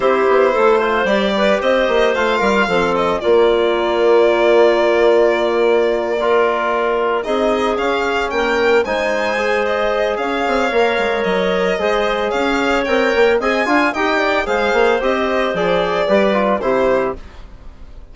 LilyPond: <<
  \new Staff \with { instrumentName = "violin" } { \time 4/4 \tempo 4 = 112 c''2 d''4 dis''4 | f''4. dis''8 d''2~ | d''1~ | d''4. dis''4 f''4 g''8~ |
g''8 gis''4. dis''4 f''4~ | f''4 dis''2 f''4 | g''4 gis''4 g''4 f''4 | dis''4 d''2 c''4 | }
  \new Staff \with { instrumentName = "clarinet" } { \time 4/4 g'4 a'8 c''4 b'8 c''4~ | c''8 ais'8 a'4 f'2~ | f'2.~ f'8 ais'8~ | ais'4. gis'2 ais'8~ |
ais'8 c''2~ c''8 cis''4~ | cis''2 c''4 cis''4~ | cis''4 dis''8 f''8 dis''8 d''8 c''4~ | c''2 b'4 g'4 | }
  \new Staff \with { instrumentName = "trombone" } { \time 4/4 e'4. f'8 g'2 | f'4 c'4 ais2~ | ais2.~ ais8 f'8~ | f'4. dis'4 cis'4.~ |
cis'8 dis'4 gis'2~ gis'8 | ais'2 gis'2 | ais'4 gis'8 f'8 g'4 gis'4 | g'4 gis'4 g'8 f'8 e'4 | }
  \new Staff \with { instrumentName = "bassoon" } { \time 4/4 c'8 b8 a4 g4 c'8 ais8 | a8 g8 f4 ais2~ | ais1~ | ais4. c'4 cis'4 ais8~ |
ais8 gis2~ gis8 cis'8 c'8 | ais8 gis8 fis4 gis4 cis'4 | c'8 ais8 c'8 d'8 dis'4 gis8 ais8 | c'4 f4 g4 c4 | }
>>